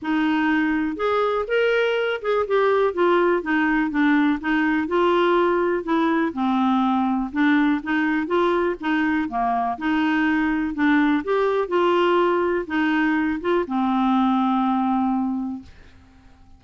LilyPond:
\new Staff \with { instrumentName = "clarinet" } { \time 4/4 \tempo 4 = 123 dis'2 gis'4 ais'4~ | ais'8 gis'8 g'4 f'4 dis'4 | d'4 dis'4 f'2 | e'4 c'2 d'4 |
dis'4 f'4 dis'4 ais4 | dis'2 d'4 g'4 | f'2 dis'4. f'8 | c'1 | }